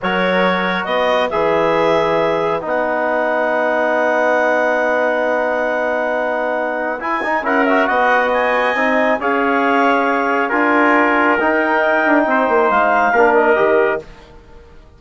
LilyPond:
<<
  \new Staff \with { instrumentName = "clarinet" } { \time 4/4 \tempo 4 = 137 cis''2 dis''4 e''4~ | e''2 fis''2~ | fis''1~ | fis''1 |
gis''4 fis''8 e''8 fis''4 gis''4~ | gis''4 f''2. | gis''2 g''2~ | g''4 f''4. dis''4. | }
  \new Staff \with { instrumentName = "trumpet" } { \time 4/4 ais'2 b'2~ | b'1~ | b'1~ | b'1~ |
b'4 ais'4 dis''2~ | dis''4 cis''2. | ais'1 | c''2 ais'2 | }
  \new Staff \with { instrumentName = "trombone" } { \time 4/4 fis'2. gis'4~ | gis'2 dis'2~ | dis'1~ | dis'1 |
e'8 dis'8 e'8 fis'2~ fis'8 | dis'4 gis'2. | f'2 dis'2~ | dis'2 d'4 g'4 | }
  \new Staff \with { instrumentName = "bassoon" } { \time 4/4 fis2 b4 e4~ | e2 b2~ | b1~ | b1 |
e'8 dis'8 cis'4 b2 | c'4 cis'2. | d'2 dis'4. d'8 | c'8 ais8 gis4 ais4 dis4 | }
>>